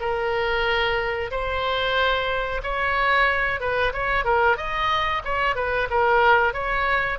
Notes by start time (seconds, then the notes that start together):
0.00 A#4
1.31 C5
2.63 C#5
3.60 B4
3.93 C#5
4.25 A#4
4.57 D#5
5.25 C#5
5.56 B4
5.90 A#4
6.53 C#5